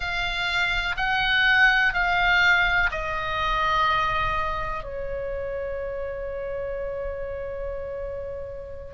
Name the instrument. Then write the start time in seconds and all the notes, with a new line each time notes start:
oboe
0.00 F5
0.96 F#5
1.94 F5
2.91 D#5
4.83 C#5